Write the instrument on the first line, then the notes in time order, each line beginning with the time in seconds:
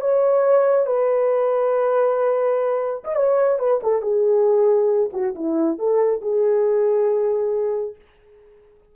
horn
0.00 C#5
0.86 B4
3.04 D#5
3.15 C#5
3.58 B4
3.83 A4
4.01 G#4
5.12 F#4
5.35 E4
5.78 A4
6.21 G#4